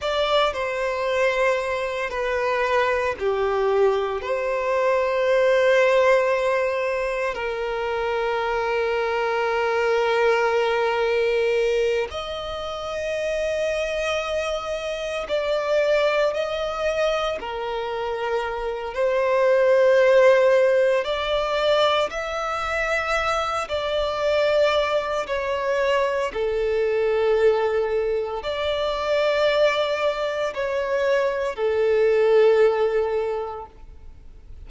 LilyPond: \new Staff \with { instrumentName = "violin" } { \time 4/4 \tempo 4 = 57 d''8 c''4. b'4 g'4 | c''2. ais'4~ | ais'2.~ ais'8 dis''8~ | dis''2~ dis''8 d''4 dis''8~ |
dis''8 ais'4. c''2 | d''4 e''4. d''4. | cis''4 a'2 d''4~ | d''4 cis''4 a'2 | }